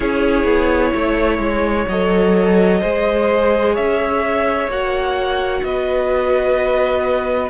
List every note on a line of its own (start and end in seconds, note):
0.00 0.44 C#4
0.00 1.86 E4
0.00 0.91 G#4
0.00 1.87 C#5
0.44 0.90 B3
0.94 1.38 A3
0.94 2.80 C#5
1.38 1.85 G#3
1.88 2.81 F#3
1.88 2.81 A4
1.88 3.75 D#5
2.80 3.77 G#3
2.80 4.69 G#4
2.80 3.73 C5
3.73 4.67 C#4
3.73 5.60 C#5
3.73 4.69 E5
4.67 5.61 A#3
4.67 7.49 F#4
4.67 5.64 F#5
5.62 7.49 B3
5.62 7.49 B4
5.62 7.49 D#5